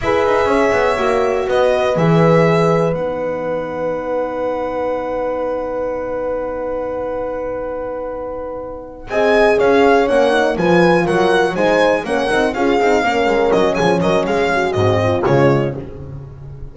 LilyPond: <<
  \new Staff \with { instrumentName = "violin" } { \time 4/4 \tempo 4 = 122 e''2. dis''4 | e''2 fis''2~ | fis''1~ | fis''1~ |
fis''2~ fis''8 gis''4 f''8~ | f''8 fis''4 gis''4 fis''4 gis''8~ | gis''8 fis''4 f''2 dis''8 | gis''8 dis''8 f''4 dis''4 cis''4 | }
  \new Staff \with { instrumentName = "horn" } { \time 4/4 b'4 cis''2 b'4~ | b'1~ | b'1~ | b'1~ |
b'2~ b'8 dis''4 cis''8~ | cis''4. b'4 ais'4 c''8~ | c''8 ais'4 gis'4 ais'4. | gis'8 ais'8 gis'8 fis'4 f'4. | }
  \new Staff \with { instrumentName = "horn" } { \time 4/4 gis'2 fis'2 | gis'2 dis'2~ | dis'1~ | dis'1~ |
dis'2~ dis'8 gis'4.~ | gis'8 cis'8 dis'8 f'2 dis'8~ | dis'8 cis'8 dis'8 f'8 dis'8 cis'4.~ | cis'2 c'4 gis4 | }
  \new Staff \with { instrumentName = "double bass" } { \time 4/4 e'8 dis'8 cis'8 b8 ais4 b4 | e2 b2~ | b1~ | b1~ |
b2~ b8 c'4 cis'8~ | cis'8 ais4 f4 fis4 gis8~ | gis8 ais8 c'8 cis'8 c'8 ais8 gis8 fis8 | f8 fis8 gis4 gis,4 cis4 | }
>>